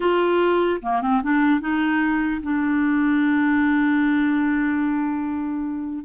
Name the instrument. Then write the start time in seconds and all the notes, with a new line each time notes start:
clarinet
0.00 F4
0.81 A#3
1.01 C4
1.22 D4
1.60 D#4
2.43 D4